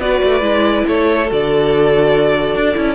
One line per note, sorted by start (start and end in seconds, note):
0.00 0.21 B3
0.00 0.42 F#4
0.00 0.87 B4
0.00 0.86 D5
0.25 0.42 A3
0.42 0.84 G#3
0.42 1.26 E4
0.87 1.31 A3
0.87 2.96 A4
0.87 1.31 C#5
1.28 2.56 D3
1.28 2.75 F#4
1.28 2.96 D5
2.56 2.77 D4
2.75 2.96 C#4
2.75 2.96 E4